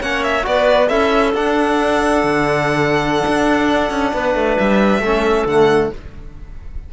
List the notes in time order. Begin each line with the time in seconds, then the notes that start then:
0.00 A#3 C#4 C#5 F#5
0.23 E5
0.42 B3 F#4 D5
0.48 B4
0.88 C#4 E4 A4 E5
1.34 D4 F#5
2.23 D3
3.27 D4
3.90 C#4
4.13 B3 B4
4.35 A3
4.58 G3 E5
4.99 A3 C#4 A4
5.45 D3 A3 F#5